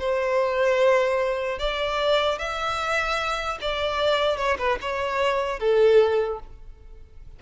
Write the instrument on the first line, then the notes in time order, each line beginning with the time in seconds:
violin
0.00 C5
1.59 D5
2.39 E5
3.61 D5
4.37 C#5
4.59 B4
4.82 C#5
5.60 A4